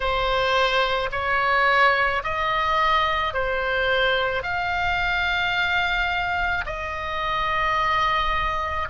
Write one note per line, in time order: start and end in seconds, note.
0.00 1.09 C5
1.11 2.22 C#5
2.23 3.33 D#5
3.33 4.42 C5
4.42 6.65 F5
6.66 8.88 D#5